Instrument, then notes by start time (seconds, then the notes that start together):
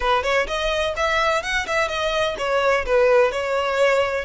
violin
0.00 B4
0.23 C#5
0.47 D#5
0.96 E5
1.43 F#5
1.67 E5
1.88 D#5
2.38 C#5
2.85 B4
3.31 C#5